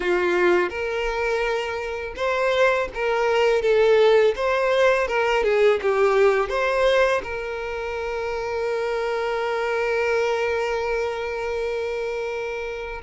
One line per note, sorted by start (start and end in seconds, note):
0.00 0.69 F4
0.69 2.14 A#4
2.16 2.88 C5
2.94 3.61 A#4
3.61 4.34 A4
4.35 5.07 C5
5.07 5.43 A#4
5.43 5.80 G#4
5.82 6.49 G4
6.49 7.21 C5
7.23 13.01 A#4